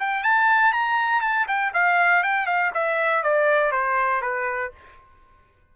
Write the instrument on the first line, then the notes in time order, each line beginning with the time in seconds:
trumpet
0.00 G5
0.23 A5
0.73 A#5
1.22 A5
1.48 G5
1.74 F5
2.24 G5
2.47 F5
2.74 E5
3.24 D5
3.72 C5
4.22 B4